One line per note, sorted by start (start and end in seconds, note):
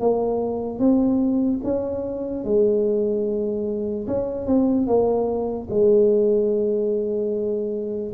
0.00 0.79 A#3
0.79 1.60 C4
1.64 2.44 C#4
2.44 4.07 G#3
4.07 4.46 C#4
4.46 4.86 C4
4.86 5.68 A#3
5.70 8.13 G#3